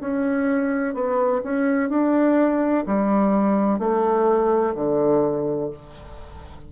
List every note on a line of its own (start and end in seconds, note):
0.00 0.94 C#4
0.94 1.42 B3
1.43 1.89 C#4
1.89 2.84 D4
2.86 3.79 G3
3.79 4.74 A3
4.75 5.70 D3